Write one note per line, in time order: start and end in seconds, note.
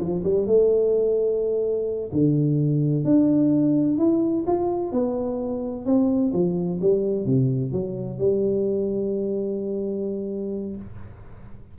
0.00 0.23 F3
0.24 0.47 G3
0.47 2.11 A3
2.12 3.05 D3
3.05 3.98 D4
3.98 4.45 E4
4.47 4.92 F4
4.92 5.86 B3
5.86 6.33 C4
6.33 6.80 F3
6.81 7.26 G3
7.26 7.72 C3
7.72 8.18 F#3
8.18 10.76 G3